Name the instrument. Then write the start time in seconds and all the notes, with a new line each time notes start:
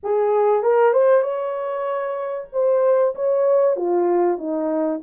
horn
0.03 G#4
0.62 A#4
0.93 C5
1.22 C#5
2.52 C5
3.15 C#5
3.76 F4
4.38 D#4